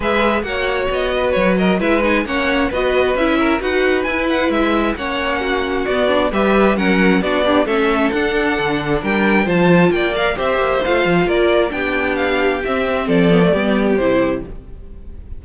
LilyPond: <<
  \new Staff \with { instrumentName = "violin" } { \time 4/4 \tempo 4 = 133 e''4 fis''4 dis''4 cis''8 dis''8 | e''8 gis''8 fis''4 dis''4 e''4 | fis''4 gis''8 fis''8 e''4 fis''4~ | fis''4 d''4 e''4 fis''4 |
d''4 e''4 fis''2 | g''4 a''4 g''8 f''8 e''4 | f''4 d''4 g''4 f''4 | e''4 d''2 c''4 | }
  \new Staff \with { instrumentName = "violin" } { \time 4/4 b'4 cis''4. b'4 ais'8 | b'4 cis''4 b'4. ais'8 | b'2. cis''4 | fis'2 b'4 ais'4 |
fis'8 d'8 a'2. | ais'4 c''4 d''4 c''4~ | c''4 ais'4 g'2~ | g'4 a'4 g'2 | }
  \new Staff \with { instrumentName = "viola" } { \time 4/4 gis'4 fis'2. | e'8 dis'8 cis'4 fis'4 e'4 | fis'4 e'2 cis'4~ | cis'4 b8 d'8 g'4 cis'4 |
d'8 g'8 cis'4 d'2~ | d'4 f'4. ais'8 g'4 | f'2 d'2 | c'4. b16 a16 b4 e'4 | }
  \new Staff \with { instrumentName = "cello" } { \time 4/4 gis4 ais4 b4 fis4 | gis4 ais4 b4 cis'4 | dis'4 e'4 gis4 ais4~ | ais4 b4 g4 fis4 |
b4 a4 d'4 d4 | g4 f4 ais4 c'8 ais8 | a8 f8 ais4 b2 | c'4 f4 g4 c4 | }
>>